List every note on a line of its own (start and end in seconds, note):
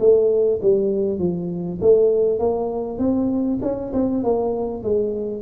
0.00 0.61 A3
0.63 1.19 G3
1.19 1.80 F3
1.82 2.39 A3
2.39 2.99 A#3
2.99 3.60 C4
3.63 3.93 C#4
3.93 4.24 C4
4.24 4.83 A#3
4.83 5.43 G#3